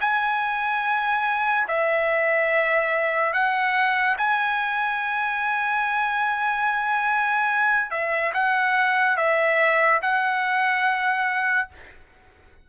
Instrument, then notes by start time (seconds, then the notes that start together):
trumpet
0.00 G#5
1.68 E5
3.33 F#5
4.17 G#5
7.90 E5
8.33 F#5
9.17 E5
10.02 F#5